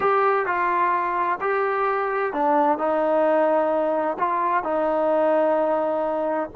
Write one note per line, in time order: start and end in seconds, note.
0.00 0.46 G4
0.46 1.39 F4
1.41 2.33 G4
2.33 2.77 D4
2.77 4.17 D#4
4.18 4.63 F4
4.63 6.49 D#4